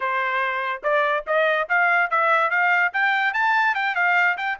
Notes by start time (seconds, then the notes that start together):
0.00 C5
0.83 D5
1.26 D#5
1.68 F5
2.10 E5
2.50 F5
2.93 G5
3.33 A5
3.75 G5
3.95 F5
4.37 G5